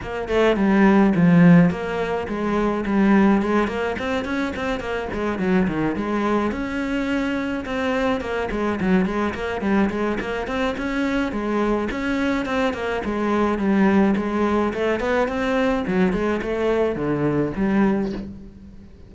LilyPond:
\new Staff \with { instrumentName = "cello" } { \time 4/4 \tempo 4 = 106 ais8 a8 g4 f4 ais4 | gis4 g4 gis8 ais8 c'8 cis'8 | c'8 ais8 gis8 fis8 dis8 gis4 cis'8~ | cis'4. c'4 ais8 gis8 fis8 |
gis8 ais8 g8 gis8 ais8 c'8 cis'4 | gis4 cis'4 c'8 ais8 gis4 | g4 gis4 a8 b8 c'4 | fis8 gis8 a4 d4 g4 | }